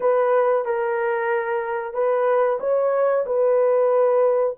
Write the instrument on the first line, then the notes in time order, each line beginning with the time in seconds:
horn
0.00 B4
0.65 A#4
1.93 B4
2.60 C#5
3.25 B4